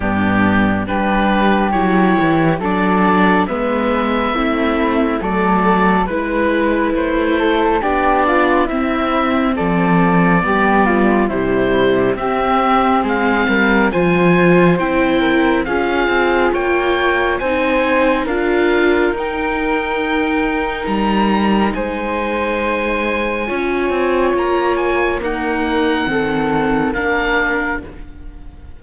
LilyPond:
<<
  \new Staff \with { instrumentName = "oboe" } { \time 4/4 \tempo 4 = 69 g'4 b'4 cis''4 d''4 | e''2 d''4 b'4 | c''4 d''4 e''4 d''4~ | d''4 c''4 e''4 f''4 |
gis''4 g''4 f''4 g''4 | gis''4 f''4 g''2 | ais''4 gis''2. | ais''8 gis''8 fis''2 f''4 | }
  \new Staff \with { instrumentName = "flute" } { \time 4/4 d'4 g'2 a'4 | b'4 e'4 a'4 b'4~ | b'8 a'8 g'8 f'8 e'4 a'4 | g'8 f'8 e'4 g'4 gis'8 ais'8 |
c''4. ais'8 gis'4 cis''4 | c''4 ais'2.~ | ais'4 c''2 cis''4~ | cis''4 ais'4 a'4 ais'4 | }
  \new Staff \with { instrumentName = "viola" } { \time 4/4 b4 d'4 e'4 d'4 | b4 c'4 a4 e'4~ | e'4 d'4 c'2 | b4 g4 c'2 |
f'4 e'4 f'2 | dis'4 f'4 dis'2~ | dis'2. f'4~ | f'4 ais4 c'4 d'4 | }
  \new Staff \with { instrumentName = "cello" } { \time 4/4 g,4 g4 fis8 e8 fis4 | gis4 a4 fis4 gis4 | a4 b4 c'4 f4 | g4 c4 c'4 gis8 g8 |
f4 c'4 cis'8 c'8 ais4 | c'4 d'4 dis'2 | g4 gis2 cis'8 c'8 | ais4 dis'4 dis4 ais4 | }
>>